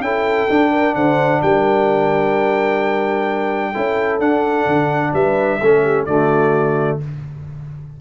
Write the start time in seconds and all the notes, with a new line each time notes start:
0.00 C#4 E4 A4 G5
0.49 D4
0.71 A#4
0.95 D3 C5 F#5
1.42 G3 A#4 G5
3.71 C#4 E4 A4
4.19 D4 F#5
4.66 D3
5.13 G3 B4 E5
5.60 A3 C#4 A4
5.83 G4
6.05 D3 A3 F#4 D5